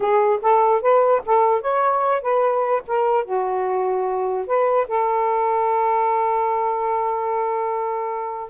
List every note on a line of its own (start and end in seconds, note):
0.00 0.40 G#4
0.41 0.81 A4
0.81 1.22 B4
1.25 1.61 A4
1.61 2.21 C#5
2.21 2.82 B4
2.87 3.24 A#4
3.24 4.46 F#4
4.46 4.87 B4
4.88 8.49 A4